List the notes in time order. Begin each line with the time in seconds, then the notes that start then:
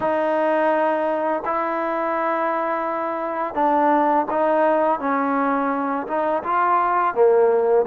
0.00 D#4
1.44 E4
3.54 D4
4.30 D#4
4.99 C#4
6.07 D#4
6.43 F4
7.14 A#3